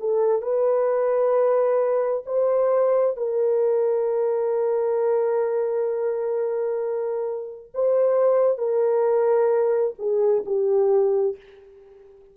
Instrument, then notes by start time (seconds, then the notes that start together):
horn
0.00 A4
0.42 B4
2.26 C5
3.17 A#4
7.74 C5
8.58 A#4
9.99 G#4
10.46 G4